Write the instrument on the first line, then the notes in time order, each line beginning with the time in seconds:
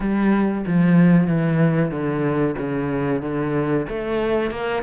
cello
0.00 G3
0.66 F3
1.27 E3
1.91 D3
2.58 C#3
3.22 D3
3.89 A3
4.50 A#3